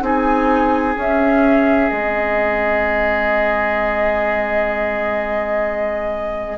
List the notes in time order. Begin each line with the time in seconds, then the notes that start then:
0.00 C4 D#4 G#4 G#5
0.96 C#4 E5
1.89 G#3 C4 D#5